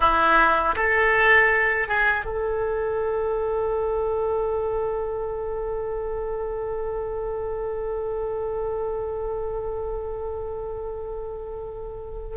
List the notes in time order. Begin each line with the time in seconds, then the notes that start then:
0.00 E4
0.75 A4
1.88 G#4
2.25 A4